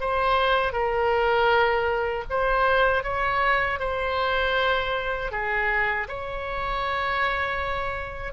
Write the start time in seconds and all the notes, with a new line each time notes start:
0.00 C5
0.72 A#4
2.30 C5
3.03 C#5
3.79 C5
5.32 G#4
6.08 C#5